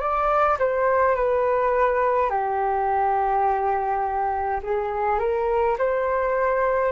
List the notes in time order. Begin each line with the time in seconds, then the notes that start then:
0.00 D5
0.59 C5
1.15 B4
2.30 G4
4.64 G#4
5.19 A#4
5.78 C5